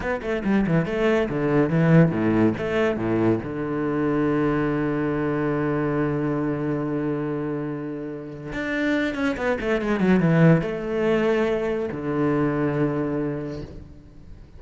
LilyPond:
\new Staff \with { instrumentName = "cello" } { \time 4/4 \tempo 4 = 141 b8 a8 g8 e8 a4 d4 | e4 a,4 a4 a,4 | d1~ | d1~ |
d1 | d'4. cis'8 b8 a8 gis8 fis8 | e4 a2. | d1 | }